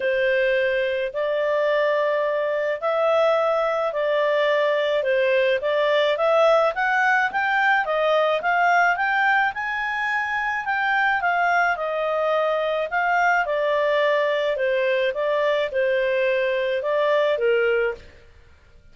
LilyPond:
\new Staff \with { instrumentName = "clarinet" } { \time 4/4 \tempo 4 = 107 c''2 d''2~ | d''4 e''2 d''4~ | d''4 c''4 d''4 e''4 | fis''4 g''4 dis''4 f''4 |
g''4 gis''2 g''4 | f''4 dis''2 f''4 | d''2 c''4 d''4 | c''2 d''4 ais'4 | }